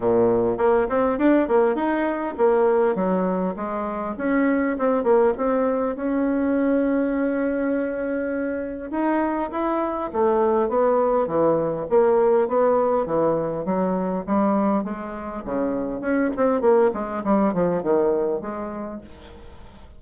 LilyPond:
\new Staff \with { instrumentName = "bassoon" } { \time 4/4 \tempo 4 = 101 ais,4 ais8 c'8 d'8 ais8 dis'4 | ais4 fis4 gis4 cis'4 | c'8 ais8 c'4 cis'2~ | cis'2. dis'4 |
e'4 a4 b4 e4 | ais4 b4 e4 fis4 | g4 gis4 cis4 cis'8 c'8 | ais8 gis8 g8 f8 dis4 gis4 | }